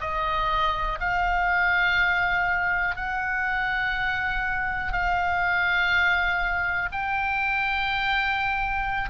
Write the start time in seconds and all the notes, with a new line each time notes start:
0.00 D#5
1.00 F5
2.96 F#5
4.92 F5
6.92 G5